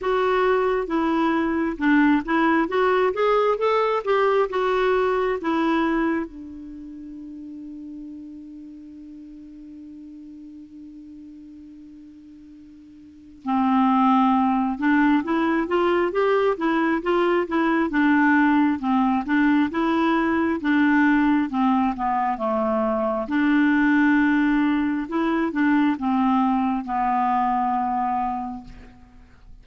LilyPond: \new Staff \with { instrumentName = "clarinet" } { \time 4/4 \tempo 4 = 67 fis'4 e'4 d'8 e'8 fis'8 gis'8 | a'8 g'8 fis'4 e'4 d'4~ | d'1~ | d'2. c'4~ |
c'8 d'8 e'8 f'8 g'8 e'8 f'8 e'8 | d'4 c'8 d'8 e'4 d'4 | c'8 b8 a4 d'2 | e'8 d'8 c'4 b2 | }